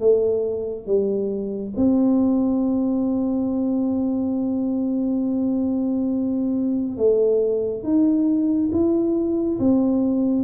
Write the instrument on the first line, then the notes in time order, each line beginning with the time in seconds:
tuba
0.00 A3
0.87 G3
1.77 C4
6.97 A3
7.83 D#4
8.72 E4
9.59 C4